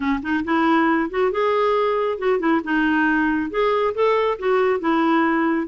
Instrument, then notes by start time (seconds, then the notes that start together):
clarinet
0.00 C#4
0.22 D#4
0.44 E4
1.09 F#4
1.31 G#4
2.18 F#4
2.39 E4
2.64 D#4
3.50 G#4
3.94 A4
4.38 F#4
4.80 E4